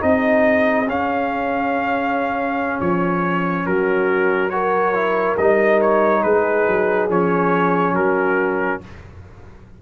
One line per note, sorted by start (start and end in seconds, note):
0.00 0.87 C4
0.00 0.86 D#4
0.00 3.67 G#4
0.00 0.88 D#5
0.87 2.80 C#4
0.87 4.51 C#4
0.87 2.81 F5
2.81 3.66 F3
2.81 3.66 C#5
3.66 5.38 F#3
3.66 4.52 F#4
3.66 4.50 A#4
4.50 4.94 F#4
4.50 6.24 A#4
4.50 5.36 C#5
4.94 5.37 E4
5.37 6.24 G3
5.37 7.10 D#4
5.37 5.80 D#5
5.81 6.23 C#5
6.23 6.67 G#3
6.23 7.95 G#4
6.23 7.08 B4
6.68 7.10 F#3
7.10 7.93 F3
7.10 8.81 C#4
7.10 7.95 C#5
7.93 8.79 F#3
7.93 8.82 F#4
7.93 8.81 A#4